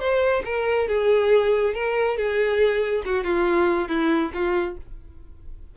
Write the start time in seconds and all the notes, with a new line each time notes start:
0.00 C5
0.45 A#4
0.88 G#4
1.74 A#4
2.17 G#4
3.06 F#4
3.24 F4
3.89 E4
4.34 F4